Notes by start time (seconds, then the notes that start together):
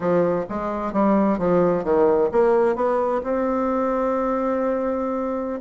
0.00 F3
0.49 G#3
0.92 G3
1.38 F3
1.84 D#3
2.31 A#3
2.75 B3
3.23 C4